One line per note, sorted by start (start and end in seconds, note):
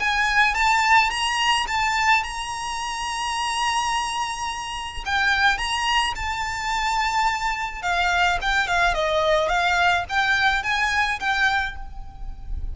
0.00 0.55 G#5
0.55 1.10 A5
1.10 1.66 A#5
1.67 2.24 A5
2.24 5.04 A#5
5.06 5.58 G5
5.58 6.14 A#5
6.16 7.82 A5
7.82 8.39 F5
8.42 8.68 G5
8.68 8.94 F5
8.94 9.49 D#5
9.49 10.05 F5
10.09 10.63 G5
10.63 11.19 G#5
11.20 11.76 G5